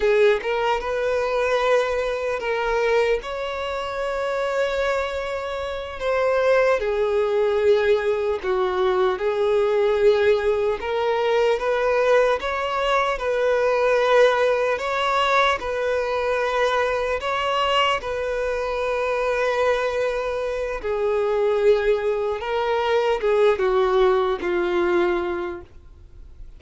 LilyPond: \new Staff \with { instrumentName = "violin" } { \time 4/4 \tempo 4 = 75 gis'8 ais'8 b'2 ais'4 | cis''2.~ cis''8 c''8~ | c''8 gis'2 fis'4 gis'8~ | gis'4. ais'4 b'4 cis''8~ |
cis''8 b'2 cis''4 b'8~ | b'4. cis''4 b'4.~ | b'2 gis'2 | ais'4 gis'8 fis'4 f'4. | }